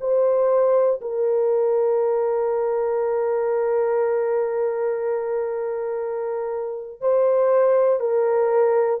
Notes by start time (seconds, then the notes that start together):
0.00 C5
1.00 A#4
7.00 C5
8.00 A#4